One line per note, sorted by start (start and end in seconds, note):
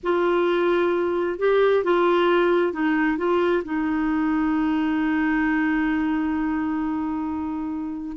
0.03 1.38 F4
1.38 1.84 G4
1.84 2.72 F4
2.72 3.17 D#4
3.17 3.63 F4
3.64 8.17 D#4